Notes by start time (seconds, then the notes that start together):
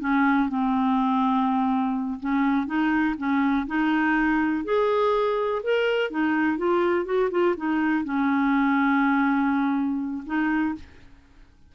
0.00 C#4
0.49 C4
2.20 C#4
2.67 D#4
3.18 C#4
3.67 D#4
4.64 G#4
5.63 A#4
6.10 D#4
6.58 F4
7.05 F#4
7.31 F4
7.57 D#4
8.04 C#4
10.26 D#4